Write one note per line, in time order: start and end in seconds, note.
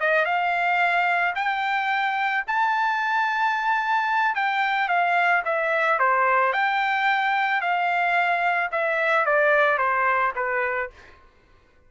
0.00 0.25 D#5
0.25 1.34 F5
1.35 2.44 G5
2.47 4.35 A5
4.35 4.88 G5
4.88 5.43 F5
5.45 5.99 E5
5.99 6.53 C5
6.53 7.61 G5
7.61 8.70 F5
8.71 9.26 E5
9.26 9.78 D5
9.78 10.32 C5
10.35 10.90 B4